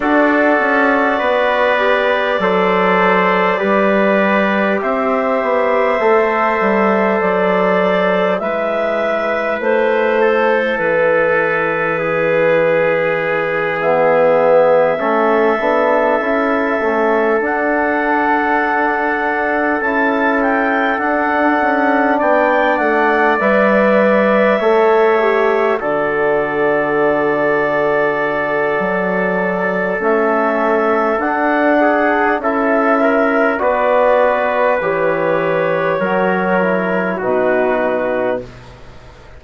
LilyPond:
<<
  \new Staff \with { instrumentName = "clarinet" } { \time 4/4 \tempo 4 = 50 d''1 | e''2 d''4 e''4 | c''4 b'2~ b'8 e''8~ | e''2~ e''8 fis''4.~ |
fis''8 a''8 g''8 fis''4 g''8 fis''8 e''8~ | e''4. d''2~ d''8~ | d''4 e''4 fis''4 e''4 | d''4 cis''2 b'4 | }
  \new Staff \with { instrumentName = "trumpet" } { \time 4/4 a'4 b'4 c''4 b'4 | c''2. b'4~ | b'8 a'4. gis'2~ | gis'8 a'2.~ a'8~ |
a'2~ a'8 d''4.~ | d''8 cis''4 a'2~ a'8~ | a'2~ a'8 gis'8 a'8 ais'8 | b'2 ais'4 fis'4 | }
  \new Staff \with { instrumentName = "trombone" } { \time 4/4 fis'4. g'8 a'4 g'4~ | g'4 a'2 e'4~ | e'2.~ e'8 b8~ | b8 cis'8 d'8 e'8 cis'8 d'4.~ |
d'8 e'4 d'2 b'8~ | b'8 a'8 g'8 fis'2~ fis'8~ | fis'4 cis'4 d'4 e'4 | fis'4 g'4 fis'8 e'8 dis'4 | }
  \new Staff \with { instrumentName = "bassoon" } { \time 4/4 d'8 cis'8 b4 fis4 g4 | c'8 b8 a8 g8 fis4 gis4 | a4 e2.~ | e8 a8 b8 cis'8 a8 d'4.~ |
d'8 cis'4 d'8 cis'8 b8 a8 g8~ | g8 a4 d2~ d8 | fis4 a4 d'4 cis'4 | b4 e4 fis4 b,4 | }
>>